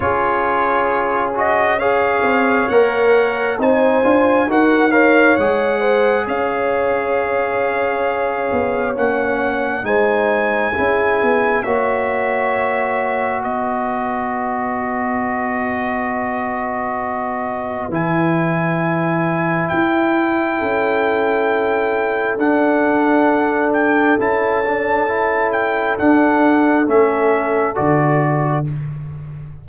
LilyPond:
<<
  \new Staff \with { instrumentName = "trumpet" } { \time 4/4 \tempo 4 = 67 cis''4. dis''8 f''4 fis''4 | gis''4 fis''8 f''8 fis''4 f''4~ | f''2 fis''4 gis''4~ | gis''4 e''2 dis''4~ |
dis''1 | gis''2 g''2~ | g''4 fis''4. g''8 a''4~ | a''8 g''8 fis''4 e''4 d''4 | }
  \new Staff \with { instrumentName = "horn" } { \time 4/4 gis'2 cis''2 | c''4 ais'8 cis''4 c''8 cis''4~ | cis''2. c''4 | gis'4 cis''2 b'4~ |
b'1~ | b'2. a'4~ | a'1~ | a'1 | }
  \new Staff \with { instrumentName = "trombone" } { \time 4/4 f'4. fis'8 gis'4 ais'4 | dis'8 f'8 fis'8 ais'8 gis'2~ | gis'2 cis'4 dis'4 | e'4 fis'2.~ |
fis'1 | e'1~ | e'4 d'2 e'8 d'8 | e'4 d'4 cis'4 fis'4 | }
  \new Staff \with { instrumentName = "tuba" } { \time 4/4 cis'2~ cis'8 c'8 ais4 | c'8 d'8 dis'4 gis4 cis'4~ | cis'4. b8 ais4 gis4 | cis'8 b8 ais2 b4~ |
b1 | e2 e'4 cis'4~ | cis'4 d'2 cis'4~ | cis'4 d'4 a4 d4 | }
>>